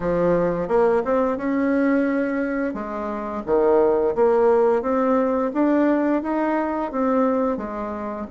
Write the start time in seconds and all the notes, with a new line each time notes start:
0.00 F3
0.68 A#3
1.05 C4
1.37 C#4
2.74 G#3
3.45 D#3
4.15 A#3
4.82 C4
5.53 D4
6.22 D#4
6.91 C4
7.57 G#3